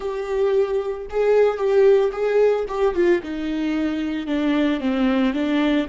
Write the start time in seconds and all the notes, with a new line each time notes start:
0.00 G4
1.10 G#4
1.57 G4
2.12 G#4
2.68 G4
2.94 F4
3.22 D#4
4.26 D4
4.80 C4
5.33 D4